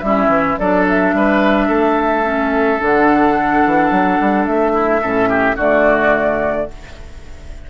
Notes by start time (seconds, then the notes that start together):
0.00 G3 C#4 E4 E5
0.27 E3
0.58 F#3 D4 A4 D5
0.88 E5
1.13 G3 B4
1.67 A3 A4
2.23 C#4
2.78 D3 D4 F#5
3.66 E3
3.91 F#3
4.20 G3
4.46 A3 E5
4.72 E4
5.01 A2 C#4 A4
5.29 G4
5.55 D3 A3 F#4 D5